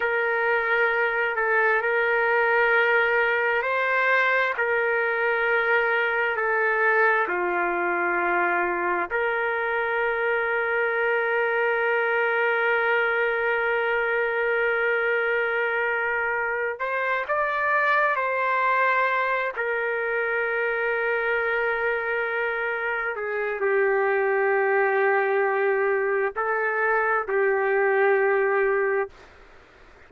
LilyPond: \new Staff \with { instrumentName = "trumpet" } { \time 4/4 \tempo 4 = 66 ais'4. a'8 ais'2 | c''4 ais'2 a'4 | f'2 ais'2~ | ais'1~ |
ais'2~ ais'8 c''8 d''4 | c''4. ais'2~ ais'8~ | ais'4. gis'8 g'2~ | g'4 a'4 g'2 | }